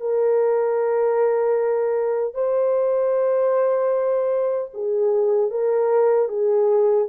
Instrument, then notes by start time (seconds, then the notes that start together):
horn
0.00 A#4
2.34 C5
4.74 G#4
5.51 A#4
6.28 G#4